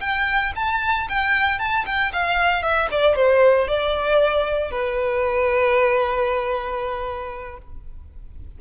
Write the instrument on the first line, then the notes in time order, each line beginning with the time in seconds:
violin
0.00 G5
0.55 A5
1.09 G5
1.59 A5
1.85 G5
2.12 F5
2.62 E5
2.91 D5
3.15 C5
3.68 D5
4.71 B4